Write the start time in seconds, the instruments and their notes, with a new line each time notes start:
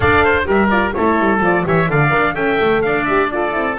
0.00 double bass D4, horn A4, oboe D5, trumpet F5
0.24 oboe C5
0.45 double bass G3, horn G4, oboe A#4, trumpet E5
0.69 horn F4, trumpet D5
0.93 double bass A3, horn E4, oboe A4, trumpet C#5
1.19 double bass G3
1.40 double bass F3, horn F4, trumpet D5
1.64 double bass E3, horn G4, oboe C#5, trumpet E5
1.88 double bass D3, horn A4, oboe D5, trumpet F5
2.09 double bass D4, horn A#4
2.34 double bass C#4, horn A4, oboe E5, trumpet G5
2.61 double bass A3
2.82 double bass D4, oboe D5, trumpet F5
3.05 horn G4, trumpet E5
3.31 horn F4, oboe A4, trumpet D5
3.51 double bass C4, horn E4